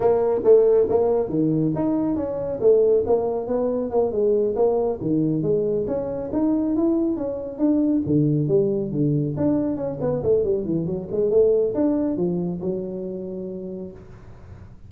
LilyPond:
\new Staff \with { instrumentName = "tuba" } { \time 4/4 \tempo 4 = 138 ais4 a4 ais4 dis4 | dis'4 cis'4 a4 ais4 | b4 ais8 gis4 ais4 dis8~ | dis8 gis4 cis'4 dis'4 e'8~ |
e'8 cis'4 d'4 d4 g8~ | g8 d4 d'4 cis'8 b8 a8 | g8 e8 fis8 gis8 a4 d'4 | f4 fis2. | }